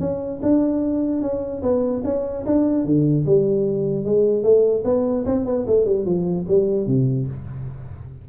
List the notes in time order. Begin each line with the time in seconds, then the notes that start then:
0.00 C#4
0.42 D4
1.22 C#4
1.62 B3
2.04 C#4
2.46 D4
2.84 D3
3.26 G3
4.05 G#3
4.43 A3
4.84 B3
5.26 C4
5.45 B3
5.67 A3
5.85 G3
6.05 F3
6.48 G3
6.87 C3